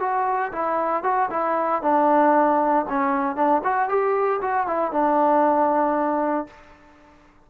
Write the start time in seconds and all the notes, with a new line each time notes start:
0.00 F#4
0.52 E4
1.03 F#4
1.30 E4
1.82 D4
2.89 C#4
3.36 D4
3.64 F#4
3.89 G4
4.41 F#4
4.67 E4
4.92 D4